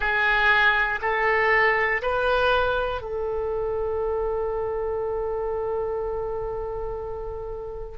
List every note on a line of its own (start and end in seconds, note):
0.00 1.00 G#4
1.01 2.01 A4
2.01 3.01 B4
3.01 7.97 A4